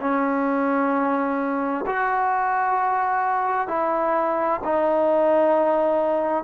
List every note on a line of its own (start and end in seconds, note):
0.00 1.85 C#4
1.86 3.68 F#4
3.68 4.60 E4
4.64 6.44 D#4